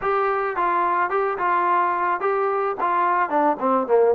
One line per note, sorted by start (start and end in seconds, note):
0.01 0.56 G4
0.56 1.10 F4
1.10 1.37 G4
1.38 2.20 F4
2.20 2.75 G4
2.80 3.29 F4
3.29 3.57 D4
3.59 3.87 C4
3.87 4.14 A#3